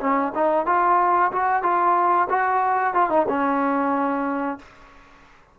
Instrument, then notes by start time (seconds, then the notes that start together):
trombone
0.00 C#4
0.35 D#4
0.66 F4
1.32 F#4
1.63 F4
2.29 F#4
2.94 F4
3.10 D#4
3.28 C#4